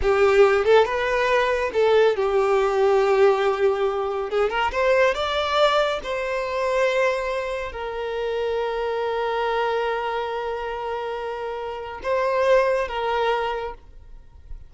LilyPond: \new Staff \with { instrumentName = "violin" } { \time 4/4 \tempo 4 = 140 g'4. a'8 b'2 | a'4 g'2.~ | g'2 gis'8 ais'8 c''4 | d''2 c''2~ |
c''2 ais'2~ | ais'1~ | ais'1 | c''2 ais'2 | }